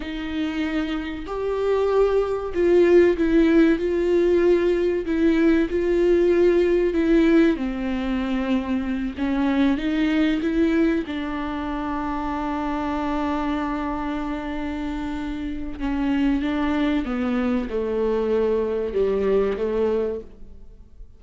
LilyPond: \new Staff \with { instrumentName = "viola" } { \time 4/4 \tempo 4 = 95 dis'2 g'2 | f'4 e'4 f'2 | e'4 f'2 e'4 | c'2~ c'8 cis'4 dis'8~ |
dis'8 e'4 d'2~ d'8~ | d'1~ | d'4 cis'4 d'4 b4 | a2 g4 a4 | }